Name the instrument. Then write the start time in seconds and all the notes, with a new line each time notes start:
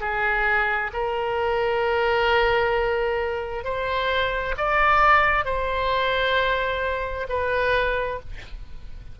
oboe
0.00 G#4
0.93 A#4
3.64 C5
4.57 D5
5.45 C5
7.29 B4